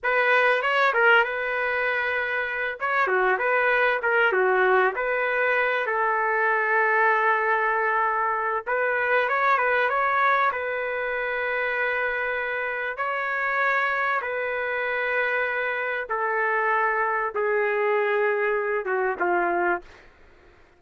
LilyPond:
\new Staff \with { instrumentName = "trumpet" } { \time 4/4 \tempo 4 = 97 b'4 cis''8 ais'8 b'2~ | b'8 cis''8 fis'8 b'4 ais'8 fis'4 | b'4. a'2~ a'8~ | a'2 b'4 cis''8 b'8 |
cis''4 b'2.~ | b'4 cis''2 b'4~ | b'2 a'2 | gis'2~ gis'8 fis'8 f'4 | }